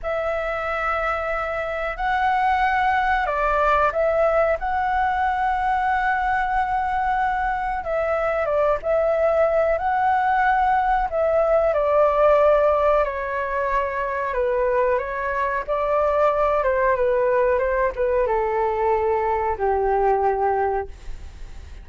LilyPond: \new Staff \with { instrumentName = "flute" } { \time 4/4 \tempo 4 = 92 e''2. fis''4~ | fis''4 d''4 e''4 fis''4~ | fis''1 | e''4 d''8 e''4. fis''4~ |
fis''4 e''4 d''2 | cis''2 b'4 cis''4 | d''4. c''8 b'4 c''8 b'8 | a'2 g'2 | }